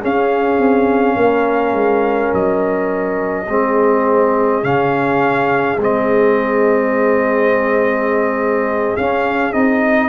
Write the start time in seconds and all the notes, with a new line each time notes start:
0.00 C#4 G#4 F5
0.58 C4
1.16 A#3 A#4
1.72 G#3
2.33 F#3 D#5
3.48 G#3 C4 G#4
4.62 C#3 C#4 F5
5.77 G#3 C4
5.83 D#5
8.96 C#4 F5
9.52 C4 D#4 D#5